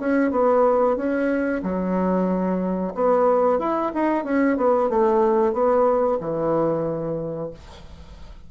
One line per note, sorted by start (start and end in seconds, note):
0.00 0.31 C#4
0.31 0.97 B3
0.97 1.62 C#4
1.63 2.93 F#3
2.95 3.59 B3
3.59 3.92 E4
3.95 4.25 D#4
4.25 4.57 C#4
4.57 4.90 B3
4.90 5.53 A3
5.53 6.18 B3
6.20 7.51 E3